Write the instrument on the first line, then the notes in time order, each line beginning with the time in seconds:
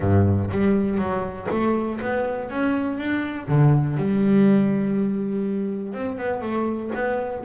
double bass
0.00 G2
0.51 G3
0.98 F#3
1.50 A3
2.00 B3
2.50 C#4
2.98 D4
3.47 D3
3.97 G3
5.93 C4
6.17 B3
6.41 A3
6.94 B3